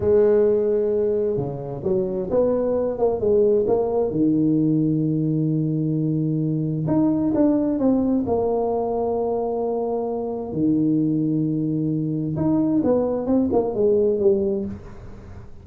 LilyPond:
\new Staff \with { instrumentName = "tuba" } { \time 4/4 \tempo 4 = 131 gis2. cis4 | fis4 b4. ais8 gis4 | ais4 dis2.~ | dis2. dis'4 |
d'4 c'4 ais2~ | ais2. dis4~ | dis2. dis'4 | b4 c'8 ais8 gis4 g4 | }